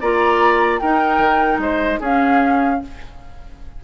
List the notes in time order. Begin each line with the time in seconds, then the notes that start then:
0.00 A#3 F4 D5 A#5
0.78 D#4 A#4 G5
1.18 D#3
1.58 G#3 C5 D#5
2.00 C#4 G#4 F5